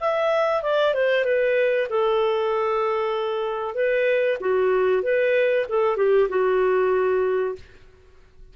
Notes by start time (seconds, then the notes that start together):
0.00 E5
0.63 D5
0.94 C5
1.25 B4
1.89 A4
3.74 B4
4.40 F#4
5.02 B4
5.68 A4
5.97 G4
6.29 F#4